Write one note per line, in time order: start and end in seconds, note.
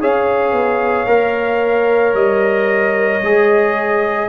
0.00 0.52 C#4
0.00 1.07 G#4
0.00 4.28 C#5
0.00 2.15 F5
0.52 1.06 B3
1.07 2.13 A#3
1.07 3.21 A#4
2.13 3.21 G3
2.13 4.28 D#5
3.22 4.28 G#3
3.22 4.28 G#4